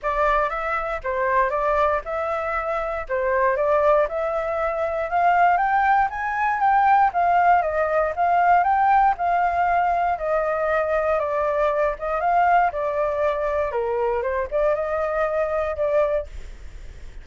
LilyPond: \new Staff \with { instrumentName = "flute" } { \time 4/4 \tempo 4 = 118 d''4 e''4 c''4 d''4 | e''2 c''4 d''4 | e''2 f''4 g''4 | gis''4 g''4 f''4 dis''4 |
f''4 g''4 f''2 | dis''2 d''4. dis''8 | f''4 d''2 ais'4 | c''8 d''8 dis''2 d''4 | }